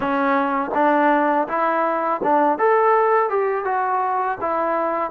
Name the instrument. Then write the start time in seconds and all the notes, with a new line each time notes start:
trombone
0.00 C#4
0.74 D4
1.47 E4
2.23 D4
2.58 A4
3.29 G4
3.65 F#4
4.41 E4